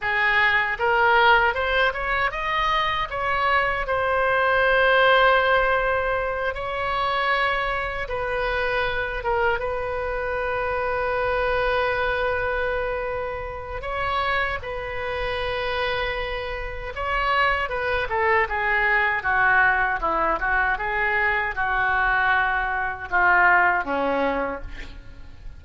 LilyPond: \new Staff \with { instrumentName = "oboe" } { \time 4/4 \tempo 4 = 78 gis'4 ais'4 c''8 cis''8 dis''4 | cis''4 c''2.~ | c''8 cis''2 b'4. | ais'8 b'2.~ b'8~ |
b'2 cis''4 b'4~ | b'2 cis''4 b'8 a'8 | gis'4 fis'4 e'8 fis'8 gis'4 | fis'2 f'4 cis'4 | }